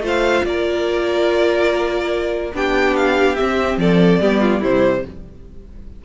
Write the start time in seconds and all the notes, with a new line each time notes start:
0.00 A3 F4 C5
0.08 F5
0.44 A#3 A#4 D5
2.53 B3 D4 G4 G5
2.96 F5
3.36 C4 E5
3.77 F3 A4 D5
4.21 G3 B3 G4
4.41 F4
4.61 C3 G3 E4 C5